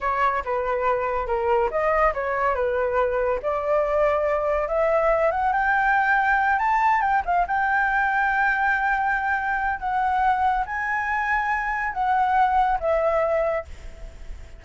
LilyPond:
\new Staff \with { instrumentName = "flute" } { \time 4/4 \tempo 4 = 141 cis''4 b'2 ais'4 | dis''4 cis''4 b'2 | d''2. e''4~ | e''8 fis''8 g''2~ g''8 a''8~ |
a''8 g''8 f''8 g''2~ g''8~ | g''2. fis''4~ | fis''4 gis''2. | fis''2 e''2 | }